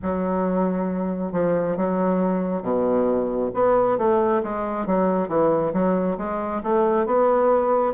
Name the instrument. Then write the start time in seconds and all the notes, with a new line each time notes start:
bassoon
0.02 F#3
1.32 F3
1.76 F#3
2.62 B2
3.54 B3
3.97 A3
4.43 G#3
4.86 F#3
5.28 E3
5.73 F#3
6.17 G#3
6.63 A3
7.05 B3